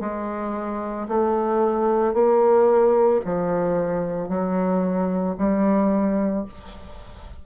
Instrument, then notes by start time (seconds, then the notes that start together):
bassoon
0.00 G#3
1.08 A3
2.13 A#3
3.25 F3
4.29 F#3
5.38 G3